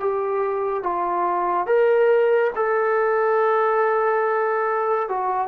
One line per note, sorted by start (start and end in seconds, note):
0.00 0.83 G4
0.83 1.67 F4
1.67 2.51 A#4
2.55 5.09 A4
5.09 5.48 F#4